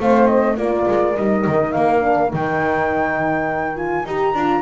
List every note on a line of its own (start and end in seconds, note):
0.00 0.58 A3
0.00 0.57 C4
0.00 0.55 C5
0.00 0.27 F5
0.27 0.56 D#5
0.55 0.87 A#3
0.55 1.15 F4
0.55 4.63 A#4
0.55 1.17 D5
0.88 1.17 G#3
1.17 1.46 G3
1.17 2.01 D#4
1.17 1.72 D#5
1.47 1.76 D#3
1.72 2.33 A#3
1.72 2.31 F5
2.01 2.30 D4
2.33 4.06 D#3
2.33 3.76 D#4
2.33 3.77 G5
3.76 4.05 F4
3.76 4.06 G#5
4.06 4.34 D#4
4.06 4.36 G4
4.06 4.63 A#5
4.34 4.63 D4
4.34 4.63 F4